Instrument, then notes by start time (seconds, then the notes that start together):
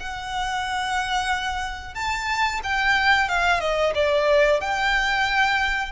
violin
0.00 F#5
1.95 A5
2.63 G5
3.29 F5
3.60 D#5
3.95 D5
4.61 G5